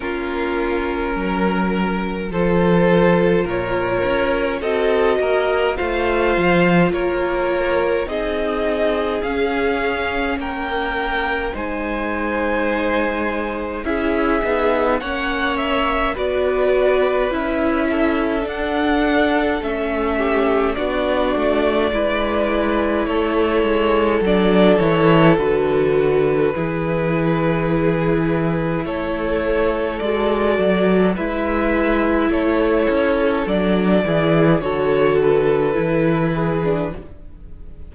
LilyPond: <<
  \new Staff \with { instrumentName = "violin" } { \time 4/4 \tempo 4 = 52 ais'2 c''4 cis''4 | dis''4 f''4 cis''4 dis''4 | f''4 g''4 gis''2 | e''4 fis''8 e''8 d''4 e''4 |
fis''4 e''4 d''2 | cis''4 d''8 cis''8 b'2~ | b'4 cis''4 d''4 e''4 | cis''4 d''4 cis''8 b'4. | }
  \new Staff \with { instrumentName = "violin" } { \time 4/4 f'4 ais'4 a'4 ais'4 | a'8 ais'8 c''4 ais'4 gis'4~ | gis'4 ais'4 c''2 | gis'4 cis''4 b'4. a'8~ |
a'4. g'8 fis'4 b'4 | a'2. gis'4~ | gis'4 a'2 b'4 | a'4. gis'8 a'4. gis'8 | }
  \new Staff \with { instrumentName = "viola" } { \time 4/4 cis'2 f'2 | fis'4 f'2 dis'4 | cis'2 dis'2 | e'8 dis'8 cis'4 fis'4 e'4 |
d'4 cis'4 d'4 e'4~ | e'4 d'8 e'8 fis'4 e'4~ | e'2 fis'4 e'4~ | e'4 d'8 e'8 fis'4 e'8. d'16 | }
  \new Staff \with { instrumentName = "cello" } { \time 4/4 ais4 fis4 f4 ais,8 cis'8 | c'8 ais8 a8 f8 ais4 c'4 | cis'4 ais4 gis2 | cis'8 b8 ais4 b4 cis'4 |
d'4 a4 b8 a8 gis4 | a8 gis8 fis8 e8 d4 e4~ | e4 a4 gis8 fis8 gis4 | a8 cis'8 fis8 e8 d4 e4 | }
>>